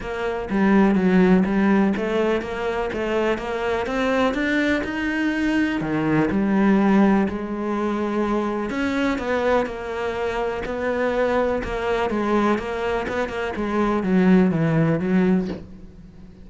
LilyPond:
\new Staff \with { instrumentName = "cello" } { \time 4/4 \tempo 4 = 124 ais4 g4 fis4 g4 | a4 ais4 a4 ais4 | c'4 d'4 dis'2 | dis4 g2 gis4~ |
gis2 cis'4 b4 | ais2 b2 | ais4 gis4 ais4 b8 ais8 | gis4 fis4 e4 fis4 | }